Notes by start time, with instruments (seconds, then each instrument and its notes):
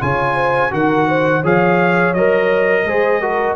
0.00 tuba C#3, trombone F4, horn C#5, trumpet G#5
0.35 horn C5
0.71 tuba D#3, trombone F#4, horn A#4, trumpet F#5
1.07 horn C5
1.41 tuba F3, trombone G#4, horn C#5, trumpet F5
2.14 tuba F#3, trombone A#4, trumpet D#5
2.84 tuba G#3, trombone G#4, horn C5
3.21 trombone F#4, horn A#4